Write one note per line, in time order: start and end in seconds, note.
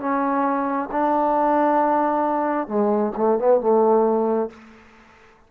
0.00 0.90 C#4
0.92 2.67 D4
2.67 3.12 G#3
3.17 3.39 A3
3.39 3.61 B3
3.61 4.50 A3